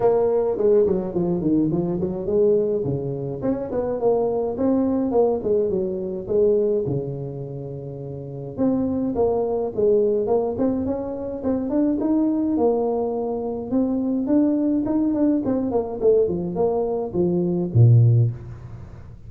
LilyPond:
\new Staff \with { instrumentName = "tuba" } { \time 4/4 \tempo 4 = 105 ais4 gis8 fis8 f8 dis8 f8 fis8 | gis4 cis4 cis'8 b8 ais4 | c'4 ais8 gis8 fis4 gis4 | cis2. c'4 |
ais4 gis4 ais8 c'8 cis'4 | c'8 d'8 dis'4 ais2 | c'4 d'4 dis'8 d'8 c'8 ais8 | a8 f8 ais4 f4 ais,4 | }